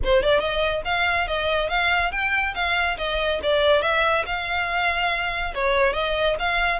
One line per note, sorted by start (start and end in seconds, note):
0.03 0.22 C5
0.22 0.39 D5
0.39 0.82 D#5
0.85 1.27 F5
1.27 1.69 D#5
1.69 2.11 F5
2.11 2.54 G5
2.54 2.97 F5
2.97 3.40 D#5
3.42 3.82 D5
3.82 4.24 E5
4.26 5.53 F5
5.54 5.93 C#5
5.93 6.35 D#5
6.39 6.79 F5